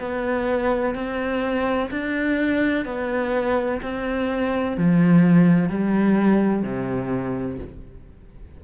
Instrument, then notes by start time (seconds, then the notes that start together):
cello
0.00 B3
0.95 C4
1.91 D4
2.85 B3
3.82 C4
4.77 F3
5.70 G3
6.63 C3